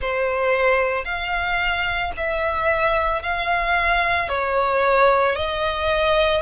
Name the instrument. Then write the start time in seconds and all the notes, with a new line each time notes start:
violin
0.00 C5
1.05 F5
2.17 E5
3.22 F5
4.29 C#5
5.35 D#5